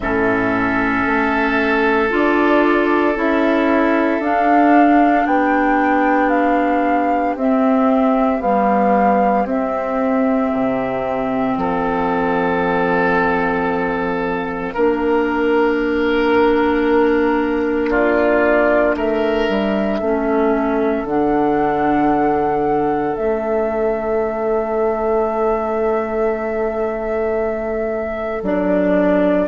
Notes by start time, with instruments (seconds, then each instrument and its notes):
0.00 bassoon A2, clarinet C#4, oboe A4, flute E5
1.06 bassoon A3
2.09 bassoon D4, clarinet F4, flute D5
3.15 bassoon C#4, clarinet E4, flute E5
4.19 bassoon D4, clarinet D4, flute F5
5.25 bassoon B3, oboe G4, flute G5
6.29 flute F5
7.35 bassoon C4, clarinet C4, flute E5
8.39 clarinet G3, bassoon B3, flute F5
9.44 bassoon C4, clarinet C4, flute E5
10.52 bassoon C3
11.56 bassoon F3, oboe A4, flute F5
14.73 bassoon A#3, clarinet D4, oboe A#4
17.90 oboe F4, flute D5
18.95 bassoon A3, oboe A#4, flute E5
19.48 bassoon G3
19.98 bassoon A3, clarinet C#4, oboe A4
21.03 bassoon D3, clarinet D4, flute F#5
23.16 bassoon A3, clarinet C#4, flute E5
28.41 bassoon F#3, clarinet D4, flute D5